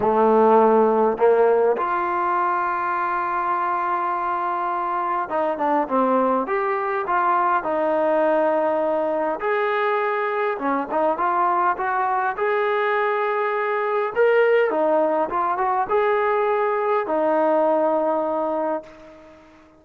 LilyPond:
\new Staff \with { instrumentName = "trombone" } { \time 4/4 \tempo 4 = 102 a2 ais4 f'4~ | f'1~ | f'4 dis'8 d'8 c'4 g'4 | f'4 dis'2. |
gis'2 cis'8 dis'8 f'4 | fis'4 gis'2. | ais'4 dis'4 f'8 fis'8 gis'4~ | gis'4 dis'2. | }